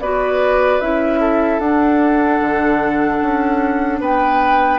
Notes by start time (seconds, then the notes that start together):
0.00 B3 F#4 B4 D5
0.81 C#4 E4 E5
1.21 A4
1.59 D4 F#5
2.41 D3
3.22 C#4
4.00 B3 B4 G5